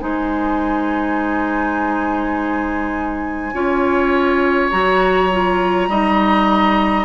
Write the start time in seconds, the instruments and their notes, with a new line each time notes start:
0.00 bassoon G#3, clarinet D#4, oboe C5, flute G#5
3.54 bassoon C#4, clarinet F4, oboe C#5
4.70 bassoon F#3, clarinet F#4, flute A#5
5.31 clarinet F4
5.88 bassoon G3, clarinet D#4, oboe D#5